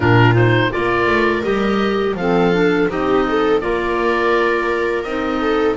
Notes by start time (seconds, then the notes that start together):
0.00 A#2 D4 F4 A#4
0.33 D#4 C5
0.71 A#3 F4 A#4 D5
1.06 A3
1.43 G3 G4 D#5
2.14 F3 C4 A4 F5
2.52 D4
2.88 C4 D#4 G4 D#5
3.27 A4
3.60 A#3 F4 A#4 D5
5.03 C4 D#4 D#5
5.40 A4